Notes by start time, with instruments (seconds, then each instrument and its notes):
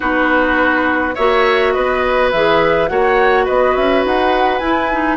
0.00 bassoon B3, clarinet D#4, oboe F#4, flute B4
1.14 bassoon A#3, clarinet F#4, oboe C#5, flute E5
1.72 bassoon B3, oboe B4, flute D#5
2.31 bassoon E3, clarinet G#4, flute E5
2.88 bassoon A#3, clarinet F#4, oboe C#5, flute F#5
3.44 bassoon B3, oboe B4, flute D#5
3.75 bassoon C#4, flute E5
4.04 bassoon D#4, flute F#5
4.58 bassoon E4, clarinet E4, flute G#5
4.91 clarinet D#4